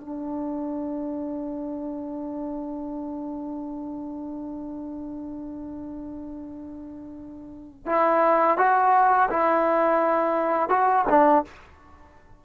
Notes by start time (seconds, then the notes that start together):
0.00 D4
7.86 E4
8.57 F#4
9.30 E4
10.69 F#4
11.08 D4